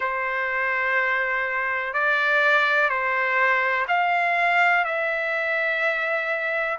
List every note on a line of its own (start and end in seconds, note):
0.00 1.94 C5
1.94 2.89 D5
2.89 3.86 C5
3.88 4.84 F5
4.84 6.78 E5